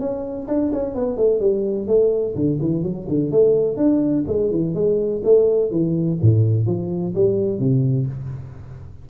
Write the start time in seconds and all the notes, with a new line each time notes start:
0.00 C#4
0.48 D4
0.73 C#4
0.95 B3
1.17 A3
1.40 G3
1.87 A3
2.36 D3
2.61 E3
2.83 F#3
3.09 D3
3.31 A3
3.77 D4
4.27 G#3
4.51 E3
4.74 G#3
5.24 A3
5.71 E3
6.22 A2
6.67 F3
7.15 G3
7.59 C3